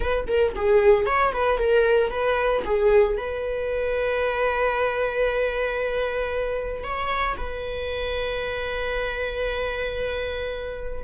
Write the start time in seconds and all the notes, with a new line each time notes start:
0.00 B4
0.27 A#4
0.55 G#4
1.06 C#5
1.32 B4
1.58 A#4
2.10 B4
2.65 G#4
3.17 B4
6.83 C#5
7.37 B4